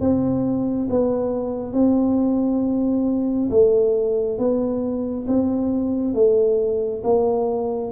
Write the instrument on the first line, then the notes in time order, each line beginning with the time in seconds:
tuba
0.00 C4
0.90 B3
1.73 C4
3.50 A3
4.38 B3
5.27 C4
6.14 A3
7.03 A#3